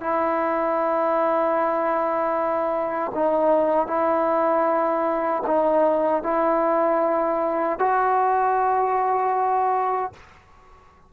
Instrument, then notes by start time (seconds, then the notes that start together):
trombone
0.00 E4
3.14 D#4
3.87 E4
5.46 D#4
6.23 E4
7.79 F#4